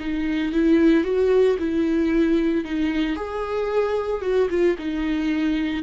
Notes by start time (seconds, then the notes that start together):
0.00 D#4
0.53 E4
1.05 F#4
1.59 E4
2.65 D#4
3.16 G#4
4.22 F#4
4.50 F4
4.79 D#4